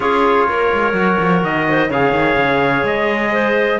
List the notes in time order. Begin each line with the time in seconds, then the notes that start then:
0.00 C#4 F4 G#4 C#5
0.48 A#3 A#4
0.73 G#3
0.93 F#3 F#4
1.20 F3
1.42 D#3 D#5
1.68 C5
1.89 C#3 G#4 C#5 F5
2.11 D#3
2.36 C#3
2.83 G#3 D#5
3.32 C5